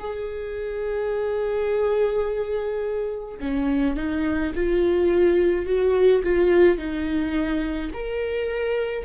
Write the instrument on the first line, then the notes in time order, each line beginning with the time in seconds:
viola
0.00 G#4
3.40 C#4
3.97 D#4
4.56 F4
5.67 F#4
6.24 F4
6.79 D#4
7.94 A#4